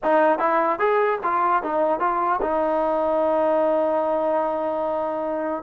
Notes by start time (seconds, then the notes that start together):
0.03 D#4
0.38 E4
0.79 G#4
1.23 F4
1.63 D#4
1.99 F4
2.41 D#4